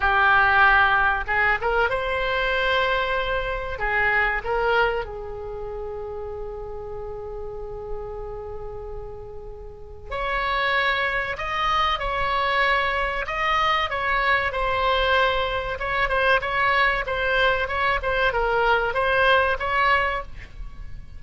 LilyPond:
\new Staff \with { instrumentName = "oboe" } { \time 4/4 \tempo 4 = 95 g'2 gis'8 ais'8 c''4~ | c''2 gis'4 ais'4 | gis'1~ | gis'1 |
cis''2 dis''4 cis''4~ | cis''4 dis''4 cis''4 c''4~ | c''4 cis''8 c''8 cis''4 c''4 | cis''8 c''8 ais'4 c''4 cis''4 | }